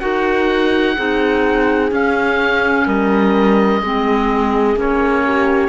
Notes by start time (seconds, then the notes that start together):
0.00 D#4 F#4 A#4 F#5
0.96 C4 D#4 G#4
1.92 C#4 F5
2.87 G3 A#4 D#5
3.82 G#3 C4 G#4
4.76 A#3 C#4 C#5
5.25 G4